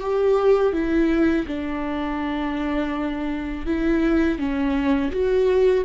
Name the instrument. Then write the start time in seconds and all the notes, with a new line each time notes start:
viola
0.00 G4
0.73 E4
1.47 D4
3.66 E4
4.38 C#4
5.12 F#4